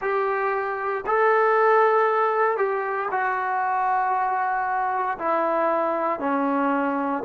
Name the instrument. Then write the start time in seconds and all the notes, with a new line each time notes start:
trombone
0.00 G4
1.06 A4
2.57 G4
3.11 F#4
5.18 E4
6.19 C#4